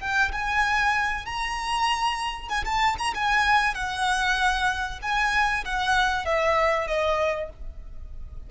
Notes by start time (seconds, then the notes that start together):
0.00 G5
0.32 G#5
1.25 A#5
2.48 G#5
2.64 A5
2.98 A#5
3.14 G#5
3.74 F#5
5.02 G#5
5.64 F#5
6.25 E5
6.87 D#5